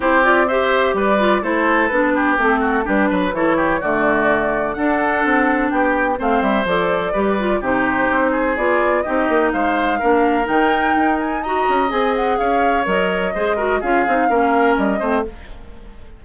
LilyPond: <<
  \new Staff \with { instrumentName = "flute" } { \time 4/4 \tempo 4 = 126 c''8 d''8 e''4 d''4 c''4 | b'4 a'4 b'4 cis''4 | d''2 fis''2 | g''4 f''8 e''8 d''2 |
c''2 d''4 dis''4 | f''2 g''4. gis''8 | ais''4 gis''8 fis''8 f''4 dis''4~ | dis''4 f''2 dis''4 | }
  \new Staff \with { instrumentName = "oboe" } { \time 4/4 g'4 c''4 b'4 a'4~ | a'8 g'4 fis'8 g'8 b'8 a'8 g'8 | fis'2 a'2 | g'4 c''2 b'4 |
g'4. gis'4. g'4 | c''4 ais'2. | dis''2 cis''2 | c''8 ais'8 gis'4 ais'4. c''8 | }
  \new Staff \with { instrumentName = "clarinet" } { \time 4/4 e'8 f'8 g'4. f'8 e'4 | d'4 c'4 d'4 e'4 | a2 d'2~ | d'4 c'4 a'4 g'8 f'8 |
dis'2 f'4 dis'4~ | dis'4 d'4 dis'2 | fis'4 gis'2 ais'4 | gis'8 fis'8 f'8 dis'8 cis'4. c'8 | }
  \new Staff \with { instrumentName = "bassoon" } { \time 4/4 c'2 g4 a4 | b4 a4 g8 fis8 e4 | d2 d'4 c'4 | b4 a8 g8 f4 g4 |
c4 c'4 b4 c'8 ais8 | gis4 ais4 dis4 dis'4~ | dis'8 cis'8 c'4 cis'4 fis4 | gis4 cis'8 c'8 ais4 g8 a8 | }
>>